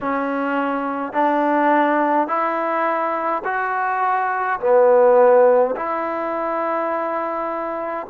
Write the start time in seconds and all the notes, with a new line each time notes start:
0.01 C#4
1.12 D4
2.27 E4
3.44 F#4
4.59 B3
5.75 E4